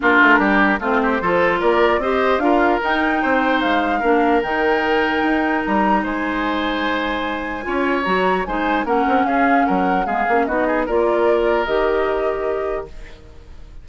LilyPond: <<
  \new Staff \with { instrumentName = "flute" } { \time 4/4 \tempo 4 = 149 ais'2 c''2 | d''4 dis''4 f''4 g''4~ | g''4 f''2 g''4~ | g''2 ais''4 gis''4~ |
gis''1 | ais''4 gis''4 fis''4 f''4 | fis''4 f''4 dis''4 d''4~ | d''4 dis''2. | }
  \new Staff \with { instrumentName = "oboe" } { \time 4/4 f'4 g'4 f'8 g'8 a'4 | ais'4 c''4 ais'2 | c''2 ais'2~ | ais'2. c''4~ |
c''2. cis''4~ | cis''4 c''4 ais'4 gis'4 | ais'4 gis'4 fis'8 gis'8 ais'4~ | ais'1 | }
  \new Staff \with { instrumentName = "clarinet" } { \time 4/4 d'2 c'4 f'4~ | f'4 g'4 f'4 dis'4~ | dis'2 d'4 dis'4~ | dis'1~ |
dis'2. f'4 | fis'4 dis'4 cis'2~ | cis'4 b8 cis'8 dis'4 f'4~ | f'4 g'2. | }
  \new Staff \with { instrumentName = "bassoon" } { \time 4/4 ais8 a8 g4 a4 f4 | ais4 c'4 d'4 dis'4 | c'4 gis4 ais4 dis4~ | dis4 dis'4 g4 gis4~ |
gis2. cis'4 | fis4 gis4 ais8 c'8 cis'4 | fis4 gis8 ais8 b4 ais4~ | ais4 dis2. | }
>>